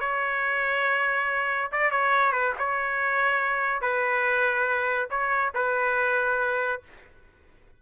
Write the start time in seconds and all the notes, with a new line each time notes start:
0.00 C#5
1.72 D5
1.91 C#5
2.32 B4
2.58 C#5
3.81 B4
5.10 C#5
5.54 B4